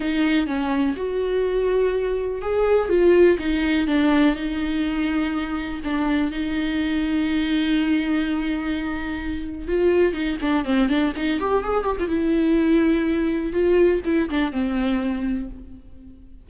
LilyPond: \new Staff \with { instrumentName = "viola" } { \time 4/4 \tempo 4 = 124 dis'4 cis'4 fis'2~ | fis'4 gis'4 f'4 dis'4 | d'4 dis'2. | d'4 dis'2.~ |
dis'1 | f'4 dis'8 d'8 c'8 d'8 dis'8 g'8 | gis'8 g'16 f'16 e'2. | f'4 e'8 d'8 c'2 | }